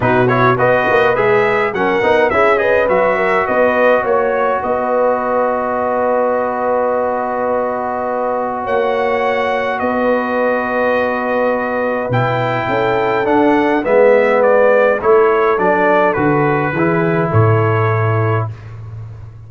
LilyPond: <<
  \new Staff \with { instrumentName = "trumpet" } { \time 4/4 \tempo 4 = 104 b'8 cis''8 dis''4 e''4 fis''4 | e''8 dis''8 e''4 dis''4 cis''4 | dis''1~ | dis''2. fis''4~ |
fis''4 dis''2.~ | dis''4 g''2 fis''4 | e''4 d''4 cis''4 d''4 | b'2 cis''2 | }
  \new Staff \with { instrumentName = "horn" } { \time 4/4 fis'4 b'2 ais'4 | gis'8 b'4 ais'8 b'4 cis''4 | b'1~ | b'2. cis''4~ |
cis''4 b'2.~ | b'2 a'2 | b'2 a'2~ | a'4 gis'4 a'2 | }
  \new Staff \with { instrumentName = "trombone" } { \time 4/4 dis'8 e'8 fis'4 gis'4 cis'8 dis'8 | e'8 gis'8 fis'2.~ | fis'1~ | fis'1~ |
fis'1~ | fis'4 e'2 d'4 | b2 e'4 d'4 | fis'4 e'2. | }
  \new Staff \with { instrumentName = "tuba" } { \time 4/4 b,4 b8 ais8 gis4 fis8 b8 | cis'4 fis4 b4 ais4 | b1~ | b2. ais4~ |
ais4 b2.~ | b4 b,4 cis'4 d'4 | gis2 a4 fis4 | d4 e4 a,2 | }
>>